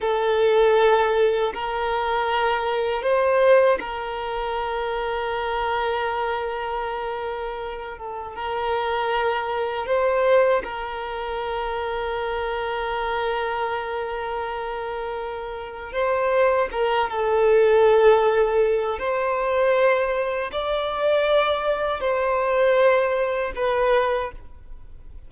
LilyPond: \new Staff \with { instrumentName = "violin" } { \time 4/4 \tempo 4 = 79 a'2 ais'2 | c''4 ais'2.~ | ais'2~ ais'8 a'8 ais'4~ | ais'4 c''4 ais'2~ |
ais'1~ | ais'4 c''4 ais'8 a'4.~ | a'4 c''2 d''4~ | d''4 c''2 b'4 | }